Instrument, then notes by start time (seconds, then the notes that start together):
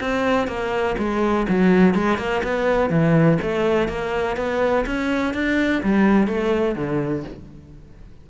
cello
0.00 C4
0.47 A#3
0.98 G#3
1.49 F#3
1.94 G#3
2.18 A#3
2.43 B3
2.90 E3
3.41 A3
3.88 A#3
4.37 B3
4.86 C#4
5.34 D4
5.83 G3
6.27 A3
6.75 D3